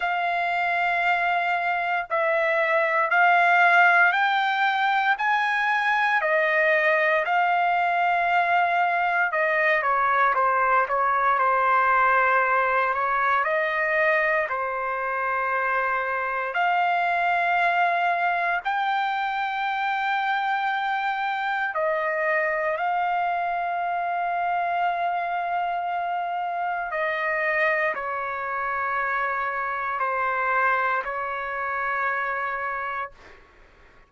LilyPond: \new Staff \with { instrumentName = "trumpet" } { \time 4/4 \tempo 4 = 58 f''2 e''4 f''4 | g''4 gis''4 dis''4 f''4~ | f''4 dis''8 cis''8 c''8 cis''8 c''4~ | c''8 cis''8 dis''4 c''2 |
f''2 g''2~ | g''4 dis''4 f''2~ | f''2 dis''4 cis''4~ | cis''4 c''4 cis''2 | }